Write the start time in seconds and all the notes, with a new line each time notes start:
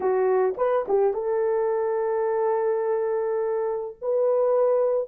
0.00 F#4
0.57 B4
0.88 G4
1.13 A4
4.01 B4